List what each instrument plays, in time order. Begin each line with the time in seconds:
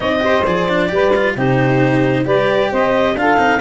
0.00 tuba C4, cello D#4, saxophone D5, clarinet D#5
0.20 cello G4, saxophone C5
0.45 tuba F3, cello G#4, clarinet D5
0.68 cello D4
0.88 tuba G3, cello G4, saxophone B4
1.15 cello F4
1.34 tuba C3, cello D#4, saxophone G4, clarinet C5
2.25 tuba G3, cello G4, saxophone B4, clarinet D5
2.71 tuba C4, saxophone C5, clarinet D#5
3.14 tuba D4, cello F4, saxophone A4, clarinet F5
3.37 tuba C4, cello D#4